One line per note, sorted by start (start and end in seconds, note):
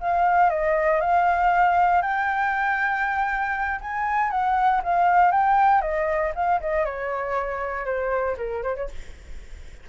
0.00 0.49 F5
0.49 1.00 D#5
1.00 2.02 F5
2.02 3.80 G5
3.80 4.30 G#5
4.30 4.81 F#5
4.83 5.31 F5
5.31 5.81 G5
5.81 6.32 D#5
6.34 6.60 F5
6.60 6.85 D#5
6.85 7.85 C#5
7.85 8.36 C5
8.37 8.63 A#4
8.63 8.75 C5
8.75 8.88 C#5